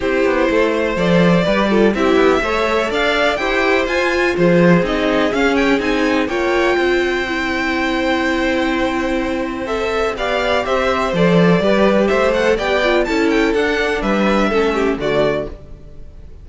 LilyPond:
<<
  \new Staff \with { instrumentName = "violin" } { \time 4/4 \tempo 4 = 124 c''2 d''2 | e''2 f''4 g''4 | gis''4 c''4 dis''4 f''8 g''8 | gis''4 g''2.~ |
g''1 | e''4 f''4 e''4 d''4~ | d''4 e''8 fis''8 g''4 a''8 g''8 | fis''4 e''2 d''4 | }
  \new Staff \with { instrumentName = "violin" } { \time 4/4 g'4 a'8 c''4. b'8 a'8 | g'4 cis''4 d''4 c''4~ | c''4 gis'2.~ | gis'4 cis''4 c''2~ |
c''1~ | c''4 d''4 c''2 | b'4 c''4 d''4 a'4~ | a'4 b'4 a'8 g'8 fis'4 | }
  \new Staff \with { instrumentName = "viola" } { \time 4/4 e'2 a'4 g'8 f'8 | e'4 a'2 g'4 | f'2 dis'4 cis'4 | dis'4 f'2 e'4~ |
e'1 | a'4 g'2 a'4 | g'4. a'8 g'8 f'8 e'4 | d'2 cis'4 a4 | }
  \new Staff \with { instrumentName = "cello" } { \time 4/4 c'8 b8 a4 f4 g4 | c'8 b8 a4 d'4 e'4 | f'4 f4 c'4 cis'4 | c'4 ais4 c'2~ |
c'1~ | c'4 b4 c'4 f4 | g4 a4 b4 cis'4 | d'4 g4 a4 d4 | }
>>